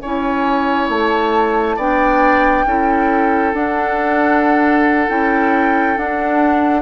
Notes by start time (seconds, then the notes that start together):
0.00 C#4 E4 C#5 G#5
0.88 A3 A5
1.76 B3 D4 D5 G5
2.65 C#4 E4 A4
3.53 D4 F#5
5.08 C#4 E4 G5
5.97 D4 F#5